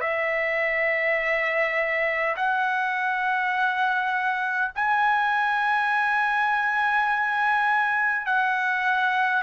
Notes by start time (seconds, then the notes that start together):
0.00 E5
2.36 F#5
4.75 G#5
8.26 F#5